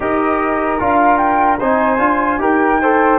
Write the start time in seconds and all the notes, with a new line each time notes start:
0.00 D#4 G4 A#4 D#5
0.78 D4 F4 F5
1.17 G5
1.59 C4 D#4 C5 G#5
1.98 D4 F4
2.38 D#4 G4 A#4 G5
2.81 A4 C5